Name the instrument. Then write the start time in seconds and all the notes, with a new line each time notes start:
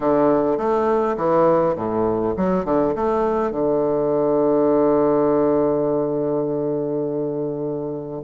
bassoon
0.00 D3
0.57 A3
1.16 E3
1.75 A2
2.36 F#3
2.65 D3
2.95 A3
3.51 D3